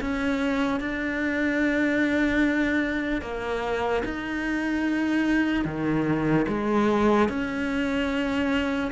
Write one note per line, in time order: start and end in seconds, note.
0.00 0.80 C#4
0.80 3.21 D4
3.21 4.02 A#3
4.04 5.65 D#4
5.65 6.46 D#3
6.48 7.28 G#3
7.28 8.90 C#4